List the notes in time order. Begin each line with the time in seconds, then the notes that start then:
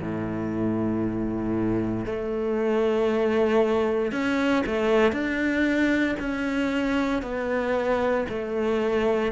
0.00 A2
2.05 A3
4.11 C#4
4.66 A3
5.12 D4
6.19 C#4
7.22 B3
8.29 A3